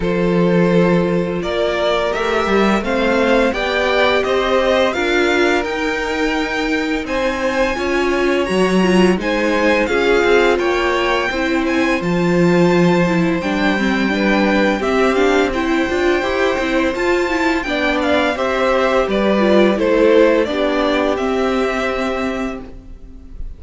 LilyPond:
<<
  \new Staff \with { instrumentName = "violin" } { \time 4/4 \tempo 4 = 85 c''2 d''4 e''4 | f''4 g''4 dis''4 f''4 | g''2 gis''2 | ais''4 gis''4 f''4 g''4~ |
g''8 gis''8 a''2 g''4~ | g''4 e''8 f''8 g''2 | a''4 g''8 f''8 e''4 d''4 | c''4 d''4 e''2 | }
  \new Staff \with { instrumentName = "violin" } { \time 4/4 a'2 ais'2 | c''4 d''4 c''4 ais'4~ | ais'2 c''4 cis''4~ | cis''4 c''4 gis'4 cis''4 |
c''1 | b'4 g'4 c''2~ | c''4 d''4 c''4 b'4 | a'4 g'2. | }
  \new Staff \with { instrumentName = "viola" } { \time 4/4 f'2. g'4 | c'4 g'2 f'4 | dis'2. f'4 | fis'8 f'8 dis'4 f'2 |
e'4 f'4. e'8 d'8 c'8 | d'4 c'8 d'8 e'8 f'8 g'8 e'8 | f'8 e'8 d'4 g'4. f'8 | e'4 d'4 c'2 | }
  \new Staff \with { instrumentName = "cello" } { \time 4/4 f2 ais4 a8 g8 | a4 b4 c'4 d'4 | dis'2 c'4 cis'4 | fis4 gis4 cis'8 c'8 ais4 |
c'4 f2 g4~ | g4 c'4. d'8 e'8 c'8 | f'4 b4 c'4 g4 | a4 b4 c'2 | }
>>